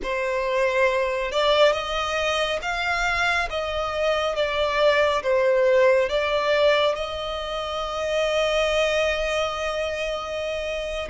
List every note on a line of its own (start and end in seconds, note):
0.02 1.31 C5
1.31 1.72 D5
1.72 2.59 D#5
2.62 3.49 F5
3.50 4.35 D#5
4.35 5.22 D5
5.23 6.09 C5
6.09 6.95 D5
6.95 11.08 D#5